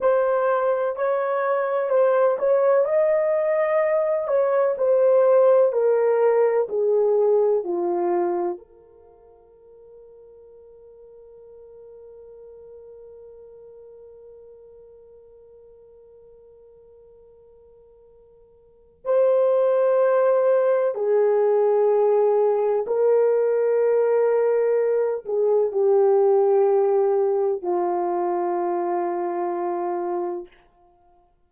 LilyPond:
\new Staff \with { instrumentName = "horn" } { \time 4/4 \tempo 4 = 63 c''4 cis''4 c''8 cis''8 dis''4~ | dis''8 cis''8 c''4 ais'4 gis'4 | f'4 ais'2.~ | ais'1~ |
ais'1 | c''2 gis'2 | ais'2~ ais'8 gis'8 g'4~ | g'4 f'2. | }